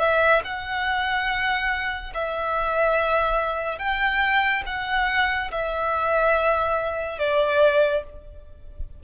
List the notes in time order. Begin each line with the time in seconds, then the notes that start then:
0.00 E5
0.45 F#5
2.15 E5
3.79 G5
4.67 F#5
5.52 E5
7.19 D5